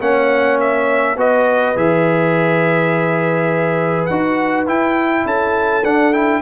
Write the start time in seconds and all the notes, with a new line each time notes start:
0.00 A#3 C#4 C#5 F#5
0.60 E5
1.16 B3 F#4 B4 D#5
1.76 E3 G#4 E5
4.06 D#4 F#4 F#5
4.67 E4 G5
5.25 C#4 A4 A5
5.84 D4 F#5
6.13 E4 G5